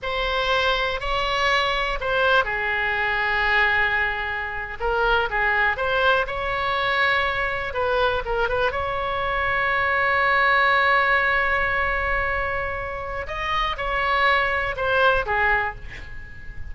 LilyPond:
\new Staff \with { instrumentName = "oboe" } { \time 4/4 \tempo 4 = 122 c''2 cis''2 | c''4 gis'2.~ | gis'4.~ gis'16 ais'4 gis'4 c''16~ | c''8. cis''2. b'16~ |
b'8. ais'8 b'8 cis''2~ cis''16~ | cis''1~ | cis''2. dis''4 | cis''2 c''4 gis'4 | }